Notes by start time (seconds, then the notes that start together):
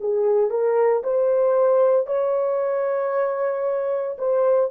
0.00 G#4
0.50 A#4
1.03 C5
2.06 C#5
4.18 C5